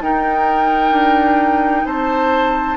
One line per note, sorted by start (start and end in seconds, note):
0.00 0.91 D#4
0.00 2.77 D#4
0.00 1.86 A#4
0.00 1.86 G5
0.91 1.84 D4
1.85 2.77 C4
1.85 2.77 C5
1.85 2.77 A5